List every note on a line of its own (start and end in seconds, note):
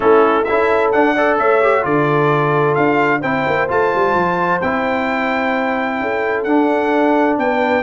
0.00 0.48 A3
0.00 0.45 C#4
0.00 0.46 E4
0.00 0.44 A4
0.44 0.94 C#4
0.44 0.93 E4
0.44 1.15 A4
0.44 0.90 E5
0.91 1.16 D4
0.91 1.39 D4
0.91 1.37 F#5
1.15 1.62 A4
1.15 1.38 D5
1.38 1.84 A3
1.38 1.84 C#5
1.38 1.84 E5
1.62 1.82 G4
1.82 2.77 D3
1.82 3.20 F4
1.82 3.20 A4
1.82 2.74 D5
2.74 3.23 D4
2.74 3.21 F5
3.20 3.46 C4
3.20 3.68 E4
3.20 5.97 C5
3.20 3.68 G5
3.47 3.70 A#3
3.68 3.93 A3
3.68 4.60 F4
3.68 4.61 A5
3.94 4.15 G3
4.15 4.61 F3
4.61 6.00 C4
4.61 6.46 E4
4.61 6.43 G5
6.00 6.45 C#4
6.00 7.39 A4
6.43 7.37 D4
6.43 7.83 D4
6.43 7.35 F#5
7.38 7.83 B3
7.38 7.83 B4
7.38 7.83 G5